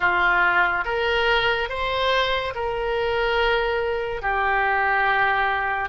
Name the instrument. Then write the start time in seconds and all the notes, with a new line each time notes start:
oboe
0.00 F4
0.85 A#4
1.69 C5
2.55 A#4
4.21 G4